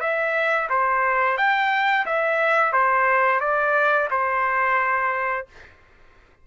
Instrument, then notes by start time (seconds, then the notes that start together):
trumpet
0.00 E5
0.69 C5
1.37 G5
2.05 E5
2.72 C5
3.40 D5
4.10 C5